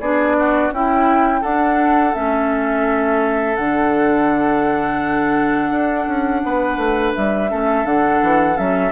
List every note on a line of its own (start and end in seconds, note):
0.00 0.70 B3
0.00 0.73 D4
0.00 0.36 G#4
0.00 0.72 D5
0.39 0.73 F#4
0.70 1.42 C#4
0.70 1.41 E4
0.70 1.42 E4
0.70 1.43 G5
1.41 2.13 D4
1.41 2.14 D4
1.41 6.41 A4
1.41 2.14 F#5
2.13 3.57 A3
2.13 3.56 C#4
2.13 3.55 E5
3.55 5.71 D3
3.55 7.49 D4
3.55 7.12 F#5
5.71 6.06 D4
6.07 6.42 C#4
6.44 6.77 B3
6.44 7.51 B4
6.77 7.12 A3
7.15 7.51 G3
7.15 7.86 E5
7.49 7.85 A3
7.49 7.84 C#4
7.49 8.92 A4
7.84 8.20 D3
7.84 8.55 D4
7.84 8.57 F#5
8.22 8.58 E3
8.55 8.92 F#3
8.55 8.91 C#4
8.55 8.92 E5